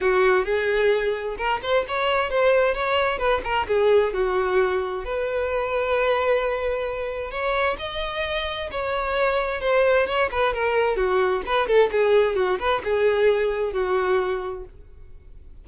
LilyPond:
\new Staff \with { instrumentName = "violin" } { \time 4/4 \tempo 4 = 131 fis'4 gis'2 ais'8 c''8 | cis''4 c''4 cis''4 b'8 ais'8 | gis'4 fis'2 b'4~ | b'1 |
cis''4 dis''2 cis''4~ | cis''4 c''4 cis''8 b'8 ais'4 | fis'4 b'8 a'8 gis'4 fis'8 b'8 | gis'2 fis'2 | }